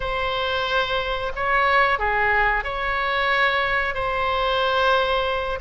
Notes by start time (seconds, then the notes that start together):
0.00 C5
1.35 C#5
1.98 G#4
2.64 C#5
3.94 C5